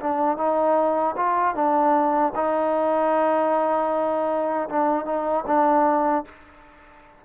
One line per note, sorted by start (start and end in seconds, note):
0.00 0.37 D4
0.37 1.15 D#4
1.16 1.54 F4
1.54 2.32 D4
2.35 4.69 D#4
4.69 5.05 D4
5.05 5.44 D#4
5.47 6.25 D4